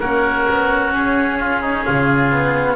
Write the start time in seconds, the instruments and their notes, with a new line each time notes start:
0.00 double bass A#3, cello C#4, oboe F#4 A#4
0.49 double bass B3
0.92 double bass C#4, oboe G#4
1.40 oboe F4
1.61 oboe D#4
1.84 double bass C#3, oboe F4
2.32 cello B3